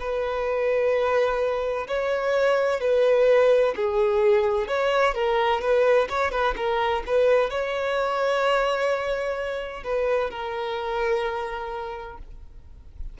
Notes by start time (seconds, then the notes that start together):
0.00 B4
1.88 C#5
2.81 B4
3.76 G#4
4.68 C#5
5.15 A#4
5.62 B4
6.09 C#5
6.32 B4
6.57 A#4
7.07 B4
7.50 C#5
9.84 B4
10.31 A#4